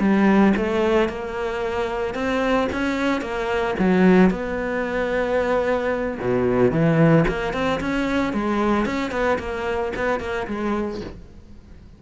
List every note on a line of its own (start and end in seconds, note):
0.00 0.54 G3
0.57 1.09 A3
1.09 2.15 A#3
2.15 2.68 C4
2.72 3.21 C#4
3.21 3.75 A#3
3.79 4.31 F#3
4.31 6.18 B3
6.20 6.71 B2
6.71 7.25 E3
7.28 7.53 A#3
7.53 7.80 C4
7.81 8.33 C#4
8.33 8.86 G#3
8.86 9.12 C#4
9.12 9.38 B3
9.39 9.93 A#3
9.96 10.20 B3
10.20 10.47 A#3
10.47 11.01 G#3